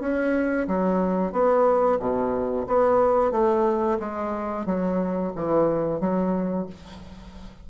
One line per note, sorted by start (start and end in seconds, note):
0.00 0.67 C#4
0.67 1.32 F#3
1.32 1.98 B3
1.99 2.66 B2
2.66 3.31 B3
3.31 3.98 A3
3.99 4.65 G#3
4.65 5.32 F#3
5.35 6.00 E3
6.00 6.66 F#3